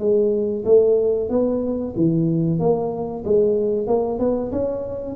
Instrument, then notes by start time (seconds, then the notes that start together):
tuba
0.00 G#3
0.66 A3
1.30 B3
1.97 E3
2.60 A#3
3.25 G#3
3.88 A#3
4.20 B3
4.52 C#4